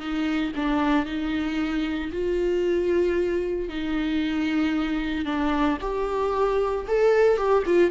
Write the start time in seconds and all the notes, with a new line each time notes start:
0.00 D#4
0.56 D4
1.06 D#4
2.13 F4
3.70 D#4
5.26 D4
5.82 G4
6.88 A4
7.38 G4
7.67 F4